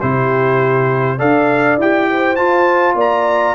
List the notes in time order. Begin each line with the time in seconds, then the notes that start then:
0.00 C3 E4 G4 C5
1.18 D4 A4 D5 F5
1.77 E4 G4 G5
2.10 C5
2.35 F4 A5
2.94 A#3 D5 A#5